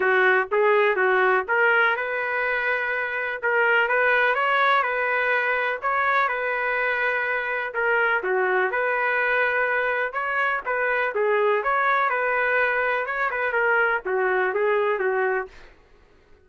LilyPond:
\new Staff \with { instrumentName = "trumpet" } { \time 4/4 \tempo 4 = 124 fis'4 gis'4 fis'4 ais'4 | b'2. ais'4 | b'4 cis''4 b'2 | cis''4 b'2. |
ais'4 fis'4 b'2~ | b'4 cis''4 b'4 gis'4 | cis''4 b'2 cis''8 b'8 | ais'4 fis'4 gis'4 fis'4 | }